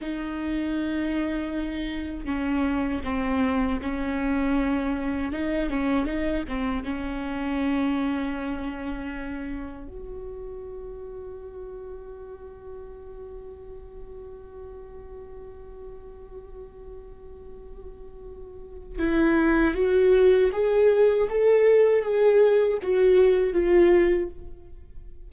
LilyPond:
\new Staff \with { instrumentName = "viola" } { \time 4/4 \tempo 4 = 79 dis'2. cis'4 | c'4 cis'2 dis'8 cis'8 | dis'8 c'8 cis'2.~ | cis'4 fis'2.~ |
fis'1~ | fis'1~ | fis'4 e'4 fis'4 gis'4 | a'4 gis'4 fis'4 f'4 | }